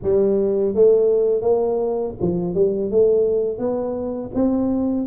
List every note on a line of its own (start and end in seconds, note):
0.03 0.75 G3
0.75 1.41 A3
1.41 2.13 A#3
2.20 2.54 F3
2.54 2.90 G3
2.90 3.58 A3
3.58 4.30 B3
4.34 5.06 C4